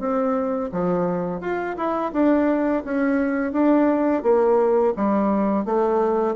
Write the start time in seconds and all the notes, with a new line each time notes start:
0.00 C4
0.73 F3
1.41 F4
1.77 E4
2.13 D4
2.85 C#4
3.53 D4
4.23 A#3
4.97 G3
5.65 A3